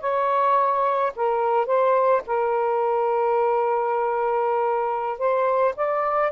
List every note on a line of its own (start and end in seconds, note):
0.00 1.12 C#5
1.15 1.66 A#4
1.66 2.22 C5
2.26 5.18 A#4
5.18 5.75 C5
5.76 6.31 D5